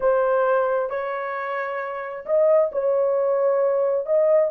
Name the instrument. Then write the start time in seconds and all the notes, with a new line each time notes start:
horn
0.00 C5
0.89 C#5
2.25 D#5
2.72 C#5
4.05 D#5